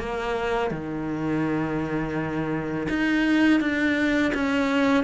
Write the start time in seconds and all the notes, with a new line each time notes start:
0.00 A#3
0.71 D#3
2.89 D#4
3.61 D4
4.35 C#4